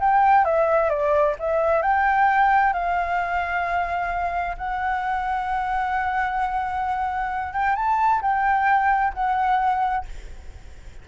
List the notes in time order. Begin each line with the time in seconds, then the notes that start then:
0.00 G5
0.45 E5
0.90 D5
1.39 E5
1.82 G5
2.73 F5
4.57 F#5
7.53 G5
7.76 A5
8.22 G5
9.14 F#5